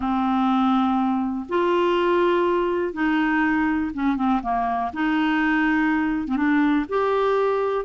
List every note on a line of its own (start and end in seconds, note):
0.00 1.46 C4
1.49 2.93 F4
2.93 3.91 D#4
3.94 4.16 C#4
4.16 4.41 C4
4.42 4.91 A#3
4.93 6.27 D#4
6.27 6.36 C4
6.36 6.85 D4
6.88 7.85 G4